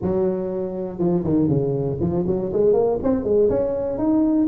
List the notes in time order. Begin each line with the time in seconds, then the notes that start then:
0.01 F#3
0.98 F3
1.24 D#3
1.48 C#3
2.00 F3
2.26 F#3
2.52 G#3
2.73 A#3
3.02 C4
3.24 G#3
3.49 C#4
3.97 D#4